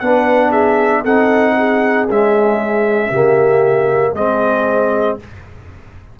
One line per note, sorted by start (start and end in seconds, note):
0.00 1.05 B3
0.00 1.05 D4
0.00 0.51 B4
0.00 0.52 F#5
0.51 1.03 G#4
0.51 1.04 E5
1.05 2.09 C4
1.05 2.09 D#4
1.05 1.56 A4
1.05 2.09 F#5
1.58 3.10 G#4
2.09 3.13 G#3
2.09 3.11 C#4
2.09 4.16 E5
3.10 4.14 C#3
3.10 4.17 A#3
3.10 4.14 G4
4.14 5.17 G#3
4.14 5.20 C4
4.14 5.19 G#4
4.14 5.19 D#5